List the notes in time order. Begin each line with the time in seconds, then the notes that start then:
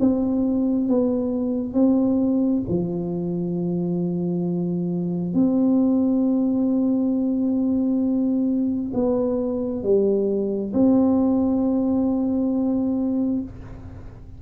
0.00 C4
0.89 B3
1.74 C4
2.69 F3
5.34 C4
8.94 B3
9.83 G3
10.74 C4